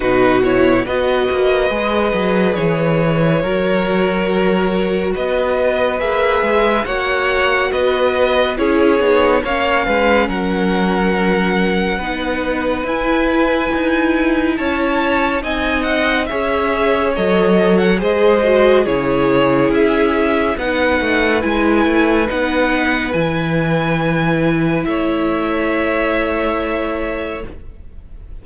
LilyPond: <<
  \new Staff \with { instrumentName = "violin" } { \time 4/4 \tempo 4 = 70 b'8 cis''8 dis''2 cis''4~ | cis''2 dis''4 e''4 | fis''4 dis''4 cis''4 f''4 | fis''2. gis''4~ |
gis''4 a''4 gis''8 fis''8 e''4 | dis''8. fis''16 dis''4 cis''4 e''4 | fis''4 gis''4 fis''4 gis''4~ | gis''4 e''2. | }
  \new Staff \with { instrumentName = "violin" } { \time 4/4 fis'4 b'2. | ais'2 b'2 | cis''4 b'4 gis'4 cis''8 b'8 | ais'2 b'2~ |
b'4 cis''4 dis''4 cis''4~ | cis''4 c''4 gis'2 | b'1~ | b'4 cis''2. | }
  \new Staff \with { instrumentName = "viola" } { \time 4/4 dis'8 e'8 fis'4 gis'2 | fis'2. gis'4 | fis'2 e'8 dis'8 cis'4~ | cis'2 dis'4 e'4~ |
e'2 dis'4 gis'4 | a'4 gis'8 fis'8 e'2 | dis'4 e'4 dis'4 e'4~ | e'1 | }
  \new Staff \with { instrumentName = "cello" } { \time 4/4 b,4 b8 ais8 gis8 fis8 e4 | fis2 b4 ais8 gis8 | ais4 b4 cis'8 b8 ais8 gis8 | fis2 b4 e'4 |
dis'4 cis'4 c'4 cis'4 | fis4 gis4 cis4 cis'4 | b8 a8 gis8 a8 b4 e4~ | e4 a2. | }
>>